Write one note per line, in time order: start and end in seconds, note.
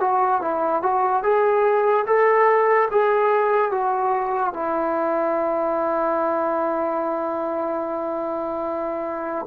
0.00 0.41 F#4
0.41 0.81 E4
0.81 1.23 F#4
1.23 2.05 G#4
2.06 2.88 A4
2.90 3.71 G#4
3.71 4.53 F#4
4.53 9.46 E4